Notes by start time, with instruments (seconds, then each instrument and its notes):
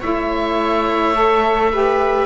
0.00 cello A3, saxophone E4, viola C#5, oboe E5
1.14 saxophone A4
1.72 saxophone G4, viola B4